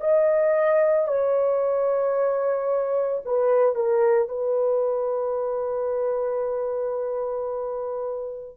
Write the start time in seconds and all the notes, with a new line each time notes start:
0.00 D#5
1.08 C#5
3.25 B4
3.75 A#4
4.29 B4